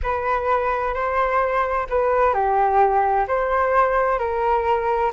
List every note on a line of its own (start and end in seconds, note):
0.02 0.93 B4
0.93 1.86 C5
1.89 2.33 B4
2.33 3.26 G4
3.27 4.18 C5
4.18 5.11 A#4